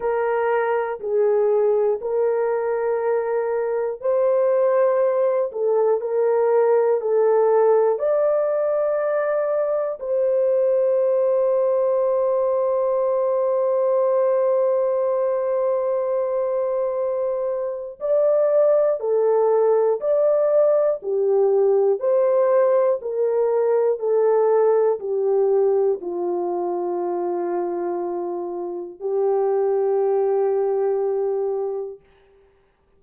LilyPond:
\new Staff \with { instrumentName = "horn" } { \time 4/4 \tempo 4 = 60 ais'4 gis'4 ais'2 | c''4. a'8 ais'4 a'4 | d''2 c''2~ | c''1~ |
c''2 d''4 a'4 | d''4 g'4 c''4 ais'4 | a'4 g'4 f'2~ | f'4 g'2. | }